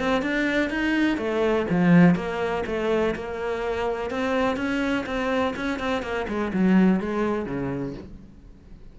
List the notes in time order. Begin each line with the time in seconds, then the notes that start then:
0.00 C4
0.23 D4
0.70 D#4
1.18 A3
1.71 F3
2.16 A#3
2.67 A3
3.16 A#3
4.11 C4
4.57 C#4
5.07 C4
5.57 C#4
5.80 C4
6.03 A#3
6.28 G#3
6.53 F#3
7.01 G#3
7.46 C#3